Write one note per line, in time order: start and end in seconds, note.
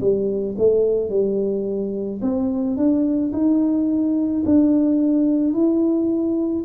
0.00 0.56 G3
0.58 1.10 A3
1.10 2.21 G3
2.22 2.76 C4
2.76 3.32 D4
3.32 4.43 D#4
4.45 5.54 D4
5.54 6.65 E4